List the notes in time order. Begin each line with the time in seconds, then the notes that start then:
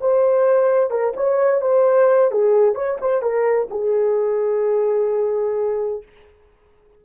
0.00 C5
0.90 A#4
1.16 C#5
1.61 C5
2.31 G#4
2.74 C#5
3.00 C5
3.22 A#4
3.70 G#4